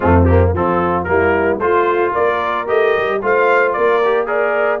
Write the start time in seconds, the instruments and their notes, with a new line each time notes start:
0.00 tuba F2, trombone A3, horn C4, trumpet F4
0.24 trombone A#3, trumpet G4
0.53 tuba F3, trombone C4, horn F4, trumpet A4
1.04 tuba G3, trombone A#3, horn E4, trumpet A#4
1.58 tuba A3, trombone F4, horn F4, trumpet C5
2.11 tuba A#3, horn A#4, trumpet D5
2.66 tuba A3, trombone G4, trumpet D#5
2.96 tuba G3
3.21 tuba A3, trombone F4, horn C5, trumpet F5
3.72 tuba A#3, horn A#4, trumpet D5
4.04 trombone G4
4.26 trombone G#4, trumpet A#4, horn D5